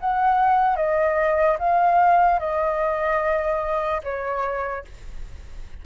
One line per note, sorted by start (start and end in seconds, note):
0.00 0.76 F#5
0.76 1.57 D#5
1.59 2.39 F5
2.39 4.01 D#5
4.03 4.84 C#5